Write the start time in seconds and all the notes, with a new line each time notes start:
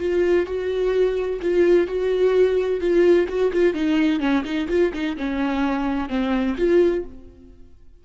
0.00 F4
0.47 F#4
1.42 F4
1.88 F#4
2.81 F4
3.29 F#4
3.53 F4
3.74 D#4
4.20 C#4
4.45 D#4
4.69 F4
4.94 D#4
5.18 C#4
6.09 C4
6.58 F4